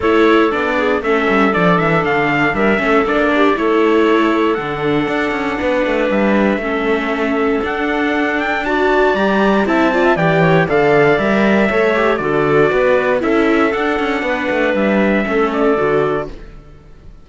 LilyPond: <<
  \new Staff \with { instrumentName = "trumpet" } { \time 4/4 \tempo 4 = 118 cis''4 d''4 e''4 d''8 e''8 | f''4 e''4 d''4 cis''4~ | cis''4 fis''2. | e''2. fis''4~ |
fis''8 g''8 a''4 ais''4 a''4 | g''4 f''4 e''2 | d''2 e''4 fis''4~ | fis''4 e''4. d''4. | }
  \new Staff \with { instrumentName = "clarinet" } { \time 4/4 a'4. gis'8 a'2~ | a'4 ais'8 a'4 g'8 a'4~ | a'2. b'4~ | b'4 a'2.~ |
a'4 d''2 e''8 d''16 e''16 | d''8 cis''8 d''2 cis''4 | a'4 b'4 a'2 | b'2 a'2 | }
  \new Staff \with { instrumentName = "viola" } { \time 4/4 e'4 d'4 cis'4 d'4~ | d'4. cis'8 d'4 e'4~ | e'4 d'2.~ | d'4 cis'2 d'4~ |
d'4 fis'4 g'4 e'8 f'8 | g'4 a'4 ais'4 a'8 g'8 | fis'2 e'4 d'4~ | d'2 cis'4 fis'4 | }
  \new Staff \with { instrumentName = "cello" } { \time 4/4 a4 b4 a8 g8 f8 e8 | d4 g8 a8 ais4 a4~ | a4 d4 d'8 cis'8 b8 a8 | g4 a2 d'4~ |
d'2 g4 c'4 | e4 d4 g4 a4 | d4 b4 cis'4 d'8 cis'8 | b8 a8 g4 a4 d4 | }
>>